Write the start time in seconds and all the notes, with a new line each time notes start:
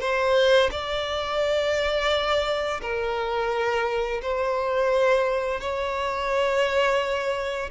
0.00 C5
0.71 D5
2.81 A#4
4.22 C5
5.60 C#5